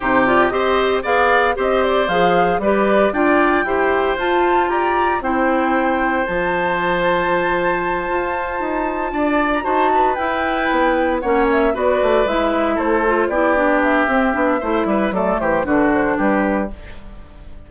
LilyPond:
<<
  \new Staff \with { instrumentName = "flute" } { \time 4/4 \tempo 4 = 115 c''8 d''8 dis''4 f''4 dis''8 d''8 | f''4 d''4 g''2 | a''4 ais''4 g''2 | a''1~ |
a''2~ a''16 ais''16 a''4 g''8~ | g''4. fis''8 e''8 d''4 e''8~ | e''8 c''4 d''4 e''4.~ | e''4 d''8 c''8 b'8 c''8 b'4 | }
  \new Staff \with { instrumentName = "oboe" } { \time 4/4 g'4 c''4 d''4 c''4~ | c''4 b'4 d''4 c''4~ | c''4 d''4 c''2~ | c''1~ |
c''4. d''4 c''8 b'4~ | b'4. cis''4 b'4.~ | b'8 a'4 g'2~ g'8 | c''8 b'8 a'8 g'8 fis'4 g'4 | }
  \new Staff \with { instrumentName = "clarinet" } { \time 4/4 dis'8 f'8 g'4 gis'4 g'4 | gis'4 g'4 f'4 g'4 | f'2 e'2 | f'1~ |
f'2~ f'8 fis'4 e'8~ | e'4. cis'4 fis'4 e'8~ | e'4 f'8 e'8 d'4 c'8 d'8 | e'4 a4 d'2 | }
  \new Staff \with { instrumentName = "bassoon" } { \time 4/4 c4 c'4 b4 c'4 | f4 g4 d'4 e'4 | f'4 g'4 c'2 | f2.~ f8 f'8~ |
f'8 dis'4 d'4 dis'4 e'8~ | e'8 b4 ais4 b8 a8 gis8~ | gis8 a4 b4. c'8 b8 | a8 g8 fis8 e8 d4 g4 | }
>>